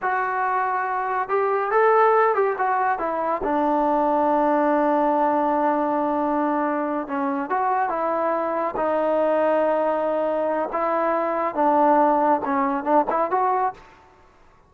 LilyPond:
\new Staff \with { instrumentName = "trombone" } { \time 4/4 \tempo 4 = 140 fis'2. g'4 | a'4. g'8 fis'4 e'4 | d'1~ | d'1~ |
d'8 cis'4 fis'4 e'4.~ | e'8 dis'2.~ dis'8~ | dis'4 e'2 d'4~ | d'4 cis'4 d'8 e'8 fis'4 | }